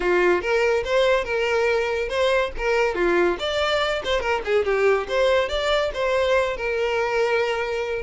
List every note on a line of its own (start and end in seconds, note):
0.00 0.41 F4
0.41 0.83 A#4
0.84 1.24 C5
1.24 2.08 A#4
2.08 2.51 C5
2.57 2.94 A#4
2.94 3.37 F4
3.39 4.02 D5
4.04 4.20 C5
4.20 4.41 A#4
4.44 4.64 G#4
4.64 5.07 G4
5.08 5.49 C5
5.49 5.91 D5
5.94 6.56 C5
6.56 8.02 A#4